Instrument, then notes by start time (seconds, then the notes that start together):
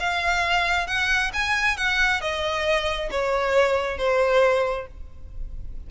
violin
0.00 F5
0.87 F#5
1.34 G#5
1.78 F#5
2.22 D#5
3.11 C#5
3.98 C5